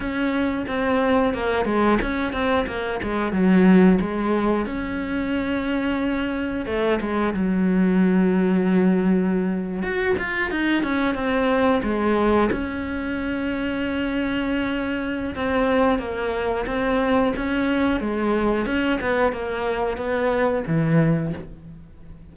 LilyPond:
\new Staff \with { instrumentName = "cello" } { \time 4/4 \tempo 4 = 90 cis'4 c'4 ais8 gis8 cis'8 c'8 | ais8 gis8 fis4 gis4 cis'4~ | cis'2 a8 gis8 fis4~ | fis2~ fis8. fis'8 f'8 dis'16~ |
dis'16 cis'8 c'4 gis4 cis'4~ cis'16~ | cis'2. c'4 | ais4 c'4 cis'4 gis4 | cis'8 b8 ais4 b4 e4 | }